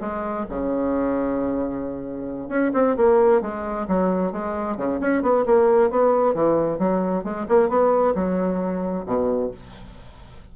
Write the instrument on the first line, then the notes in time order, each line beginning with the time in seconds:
bassoon
0.00 G#3
0.49 C#3
2.48 C#4
2.73 C4
2.96 A#3
3.41 G#3
3.88 F#3
4.32 G#3
4.77 C#3
5.00 C#4
5.22 B3
5.45 A#3
5.90 B3
6.34 E3
6.78 F#3
7.23 G#3
7.48 A#3
7.69 B3
8.14 F#3
9.06 B2